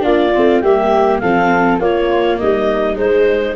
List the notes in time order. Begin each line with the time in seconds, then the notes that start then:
0.00 A#3 D4 F4 D5
0.35 A3 C4
0.61 G3 A#3 G4 E5
1.19 F3 C4 A4 F5
1.79 A#3 F4 C#5
2.38 G3 D#4 D#5
2.95 G#3 C5